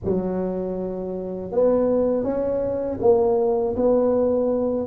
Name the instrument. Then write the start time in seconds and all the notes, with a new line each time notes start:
tuba
0.04 F#3
1.51 B3
2.23 C#4
3.00 A#3
3.76 B3